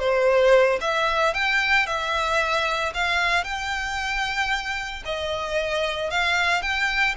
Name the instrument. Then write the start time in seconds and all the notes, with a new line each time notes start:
violin
0.00 C5
0.81 E5
1.34 G5
1.87 E5
2.94 F5
3.44 G5
5.06 D#5
6.11 F5
6.62 G5